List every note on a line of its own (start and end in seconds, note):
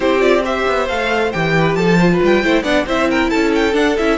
0.00 0.64 C4
0.00 0.19 E4
0.00 0.44 G4
0.00 0.21 C5
0.19 0.41 F4
0.19 0.43 D5
0.44 0.88 G4
0.44 1.54 C5
0.44 0.88 E5
0.67 0.89 B3
0.88 1.33 A3
0.88 1.33 A4
0.88 1.32 F5
1.32 1.75 E3
1.32 1.99 G4
1.32 1.74 G5
1.58 1.77 B4
1.74 2.19 F3
1.74 1.99 A4
1.74 2.18 A5
1.99 2.43 F4
1.99 2.10 C5
2.13 2.44 B4
2.22 2.44 G3
2.22 2.63 G5
2.43 2.62 A3
2.43 2.63 E4
2.43 2.62 C5
2.62 2.84 B3
2.62 2.85 D4
2.62 2.84 D5
2.62 2.85 F#5
2.86 3.30 C4
2.86 3.72 E4
2.86 3.08 C5
2.86 3.10 E5
3.08 3.30 A#4
3.08 3.29 G5
3.29 3.74 C#4
3.29 4.18 A4
3.29 3.51 A5
3.54 3.75 G5
3.72 3.94 D4
3.72 3.96 D4
3.72 3.97 F#5
3.97 4.18 C#4
3.97 4.18 E4
3.97 4.18 E5